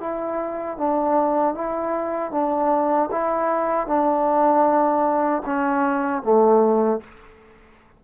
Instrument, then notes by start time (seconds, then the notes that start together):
trombone
0.00 E4
0.77 D4
1.54 E4
2.31 D4
3.11 E4
3.87 D4
5.45 C#4
6.22 A3